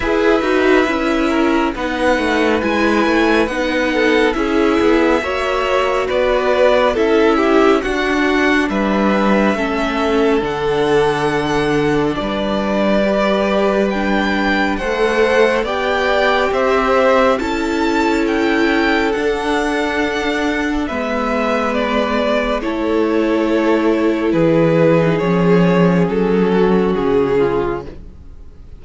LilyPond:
<<
  \new Staff \with { instrumentName = "violin" } { \time 4/4 \tempo 4 = 69 e''2 fis''4 gis''4 | fis''4 e''2 d''4 | e''4 fis''4 e''2 | fis''2 d''2 |
g''4 fis''4 g''4 e''4 | a''4 g''4 fis''2 | e''4 d''4 cis''2 | b'4 cis''4 a'4 gis'4 | }
  \new Staff \with { instrumentName = "violin" } { \time 4/4 b'4. ais'8 b'2~ | b'8 a'8 gis'4 cis''4 b'4 | a'8 g'8 fis'4 b'4 a'4~ | a'2 b'2~ |
b'4 c''4 d''4 c''4 | a'1 | b'2 a'2 | gis'2~ gis'8 fis'4 f'8 | }
  \new Staff \with { instrumentName = "viola" } { \time 4/4 gis'8 fis'8 e'4 dis'4 e'4 | dis'4 e'4 fis'2 | e'4 d'2 cis'4 | d'2. g'4 |
d'4 a'4 g'2 | e'2 d'2 | b2 e'2~ | e'8. dis'16 cis'2. | }
  \new Staff \with { instrumentName = "cello" } { \time 4/4 e'8 dis'8 cis'4 b8 a8 gis8 a8 | b4 cis'8 b8 ais4 b4 | cis'4 d'4 g4 a4 | d2 g2~ |
g4 a4 b4 c'4 | cis'2 d'2 | gis2 a2 | e4 f4 fis4 cis4 | }
>>